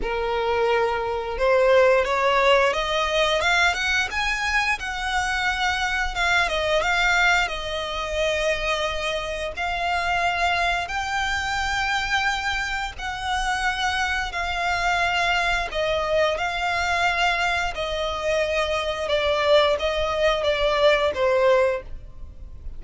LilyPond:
\new Staff \with { instrumentName = "violin" } { \time 4/4 \tempo 4 = 88 ais'2 c''4 cis''4 | dis''4 f''8 fis''8 gis''4 fis''4~ | fis''4 f''8 dis''8 f''4 dis''4~ | dis''2 f''2 |
g''2. fis''4~ | fis''4 f''2 dis''4 | f''2 dis''2 | d''4 dis''4 d''4 c''4 | }